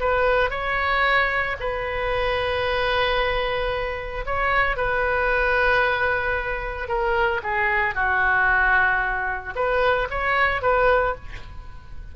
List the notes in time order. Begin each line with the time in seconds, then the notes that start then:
0.00 B4
0.50 C#5
1.60 B4
4.26 C#5
4.77 B4
6.88 A#4
7.43 G#4
7.95 F#4
9.55 B4
10.10 C#5
10.62 B4